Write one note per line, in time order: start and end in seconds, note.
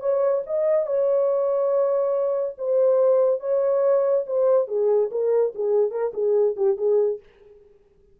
0.00 0.42 C#5
0.46 0.86 D#5
0.86 2.55 C#5
2.58 3.40 C5
3.40 4.25 C#5
4.26 4.68 C5
4.68 5.10 G#4
5.11 5.53 A#4
5.54 5.91 G#4
5.91 6.12 A#4
6.13 6.56 G#4
6.56 6.77 G4
6.77 7.19 G#4